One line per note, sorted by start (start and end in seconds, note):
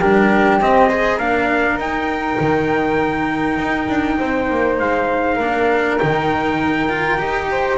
0.00 0.61 G3
0.00 0.61 D4
0.00 0.89 G4
0.00 0.60 A#4
0.61 1.19 C4
0.61 0.91 C4
0.61 1.19 D#5
0.89 1.20 G#4
0.89 1.17 C5
1.17 1.77 A#3
1.17 1.80 D4
1.17 4.17 A#4
1.17 1.79 F5
1.77 2.37 D#4
1.77 5.40 D#4
1.77 4.79 G5
2.40 3.58 D#3
3.58 3.88 D#4
3.88 4.18 D4
4.19 4.50 C4
4.19 5.36 C5
4.51 4.80 A#3
4.79 5.40 G#3
4.79 5.99 F5
5.36 6.00 A#3
5.36 6.00 D4
5.36 7.46 A#4
5.99 7.20 D#3
5.99 6.89 D#4
5.99 7.78 G5
6.89 7.19 F4
7.19 7.78 D#4
7.19 7.78 G4
7.52 7.78 C5